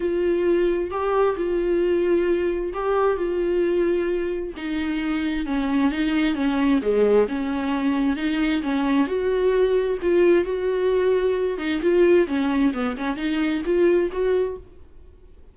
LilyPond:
\new Staff \with { instrumentName = "viola" } { \time 4/4 \tempo 4 = 132 f'2 g'4 f'4~ | f'2 g'4 f'4~ | f'2 dis'2 | cis'4 dis'4 cis'4 gis4 |
cis'2 dis'4 cis'4 | fis'2 f'4 fis'4~ | fis'4. dis'8 f'4 cis'4 | b8 cis'8 dis'4 f'4 fis'4 | }